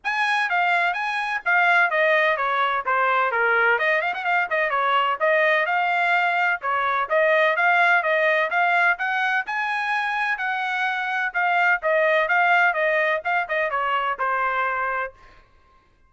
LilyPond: \new Staff \with { instrumentName = "trumpet" } { \time 4/4 \tempo 4 = 127 gis''4 f''4 gis''4 f''4 | dis''4 cis''4 c''4 ais'4 | dis''8 f''16 fis''16 f''8 dis''8 cis''4 dis''4 | f''2 cis''4 dis''4 |
f''4 dis''4 f''4 fis''4 | gis''2 fis''2 | f''4 dis''4 f''4 dis''4 | f''8 dis''8 cis''4 c''2 | }